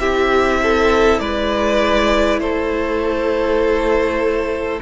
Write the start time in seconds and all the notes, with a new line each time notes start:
0.00 C4 E4 G4 E5
0.63 A4
1.20 G#3 B4 D5
2.40 A3 A4 C5